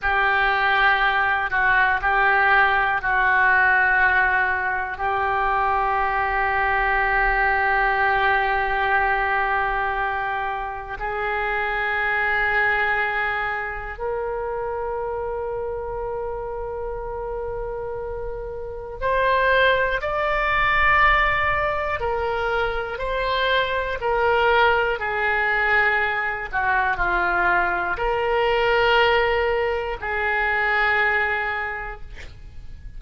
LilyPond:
\new Staff \with { instrumentName = "oboe" } { \time 4/4 \tempo 4 = 60 g'4. fis'8 g'4 fis'4~ | fis'4 g'2.~ | g'2. gis'4~ | gis'2 ais'2~ |
ais'2. c''4 | d''2 ais'4 c''4 | ais'4 gis'4. fis'8 f'4 | ais'2 gis'2 | }